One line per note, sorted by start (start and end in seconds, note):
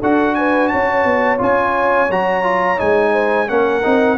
0.00 0.73 D4
0.00 1.38 F#4
0.00 0.35 A4
0.00 0.35 F#5
0.35 0.73 B4
0.35 0.68 G#5
0.68 1.05 C#4
0.68 3.13 C#5
0.68 1.38 A5
1.05 1.40 B3
1.38 2.10 C#4
1.38 2.08 F4
1.38 2.12 G#5
2.10 2.80 F#3
2.10 2.44 F#4
2.10 2.80 A#5
2.44 2.78 F4
2.78 3.50 G#3
2.78 3.47 D#4
2.78 3.49 G#5
3.13 3.48 C5
3.48 3.85 A#3
3.48 3.82 C#4
3.48 4.18 A#4
3.48 4.18 F#5
3.84 4.18 C4
3.84 4.18 D#4